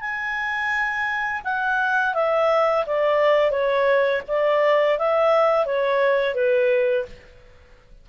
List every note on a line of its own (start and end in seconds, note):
0.00 1.41 G#5
1.44 2.14 F#5
2.14 2.84 E5
2.86 3.51 D5
3.51 4.21 C#5
4.27 4.98 D5
4.98 5.65 E5
5.65 6.34 C#5
6.34 7.05 B4